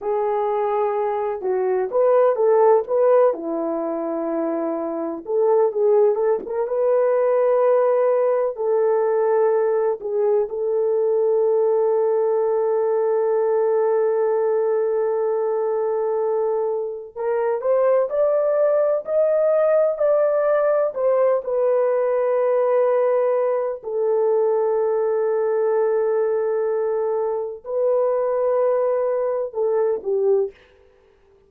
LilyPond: \new Staff \with { instrumentName = "horn" } { \time 4/4 \tempo 4 = 63 gis'4. fis'8 b'8 a'8 b'8 e'8~ | e'4. a'8 gis'8 a'16 ais'16 b'4~ | b'4 a'4. gis'8 a'4~ | a'1~ |
a'2 ais'8 c''8 d''4 | dis''4 d''4 c''8 b'4.~ | b'4 a'2.~ | a'4 b'2 a'8 g'8 | }